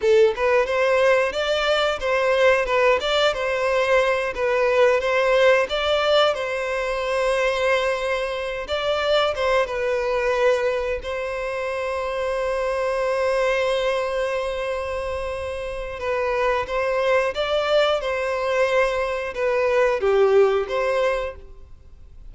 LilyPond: \new Staff \with { instrumentName = "violin" } { \time 4/4 \tempo 4 = 90 a'8 b'8 c''4 d''4 c''4 | b'8 d''8 c''4. b'4 c''8~ | c''8 d''4 c''2~ c''8~ | c''4 d''4 c''8 b'4.~ |
b'8 c''2.~ c''8~ | c''1 | b'4 c''4 d''4 c''4~ | c''4 b'4 g'4 c''4 | }